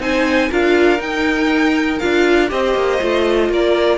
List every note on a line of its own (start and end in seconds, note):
0.00 0.50 C4
0.00 0.50 D#4
0.00 0.50 C5
0.00 0.52 G#5
0.50 0.99 D4
0.50 0.98 F4
0.50 2.50 A#4
0.50 1.02 F5
0.98 1.98 D#4
0.98 1.99 D#4
0.98 1.99 G5
1.99 2.52 D4
1.99 2.49 F4
1.99 2.49 F5
2.49 2.75 C4
2.49 2.99 G4
2.49 3.51 C5
2.49 3.52 D#5
2.75 3.00 A#3
3.01 3.50 A3
3.01 3.98 F4
3.50 3.98 A#3
3.50 3.98 A#4
3.50 3.98 D5